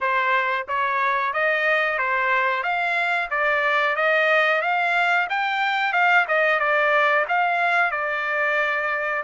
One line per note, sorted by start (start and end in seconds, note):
0.01 0.67 C5
0.68 1.33 C#5
1.33 1.98 D#5
1.98 2.63 C5
2.63 3.29 F5
3.30 3.96 D5
3.96 4.61 D#5
4.61 5.27 F5
5.29 5.92 G5
5.92 6.25 F5
6.28 6.59 D#5
6.59 7.25 D5
7.28 7.91 F5
7.91 9.23 D5